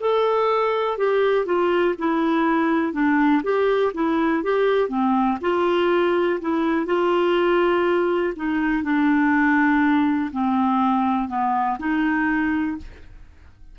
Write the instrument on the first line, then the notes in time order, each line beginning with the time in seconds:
clarinet
0.00 A4
0.98 G4
1.46 F4
1.99 E4
2.93 D4
3.43 G4
3.94 E4
4.44 G4
4.89 C4
5.41 F4
6.41 E4
6.86 F4
8.36 D#4
8.83 D4
10.32 C4
11.28 B3
11.79 D#4